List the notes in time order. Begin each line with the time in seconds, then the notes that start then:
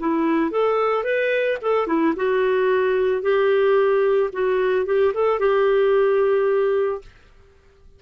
0.00 E4
0.51 A4
1.04 B4
1.62 A4
1.87 E4
2.16 F#4
3.23 G4
4.33 F#4
4.86 G4
5.14 A4
5.40 G4